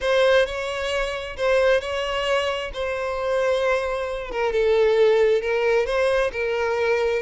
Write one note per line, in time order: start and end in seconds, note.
0.01 0.46 C5
0.46 1.36 C#5
1.36 1.80 C5
1.80 2.71 C#5
2.73 4.31 C5
4.31 4.52 A#4
4.52 5.41 A4
5.41 5.86 A#4
5.86 6.31 C5
6.32 7.22 A#4